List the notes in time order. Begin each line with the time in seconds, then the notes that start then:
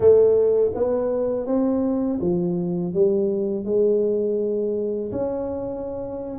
0.00 A3
0.74 B3
1.46 C4
2.20 F3
2.93 G3
3.64 G#3
5.11 C#4